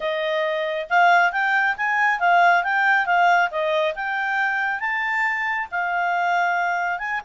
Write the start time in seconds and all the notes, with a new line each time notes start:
0.00 D#5
0.89 F5
1.32 G5
1.77 G#5
2.19 F5
2.63 G5
3.06 F5
3.50 D#5
3.95 G5
4.80 A5
5.71 F5
6.98 G#5